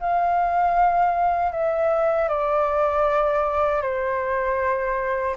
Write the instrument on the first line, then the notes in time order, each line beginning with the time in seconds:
flute
0.00 F5
1.52 E5
2.28 D5
3.82 C5